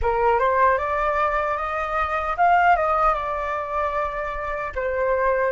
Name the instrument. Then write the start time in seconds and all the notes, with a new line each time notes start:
flute
0.01 A#4
0.39 C5
0.78 D5
1.57 D#5
2.37 F5
2.76 D#5
3.14 D5
4.75 C5